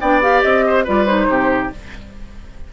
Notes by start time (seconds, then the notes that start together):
0.00 B3 D4 D5 G5
0.21 G4 F5
0.42 C4 D#5
0.66 C5
0.84 G3 F4 B4 D5
1.05 D#4 C5
1.27 C3 G4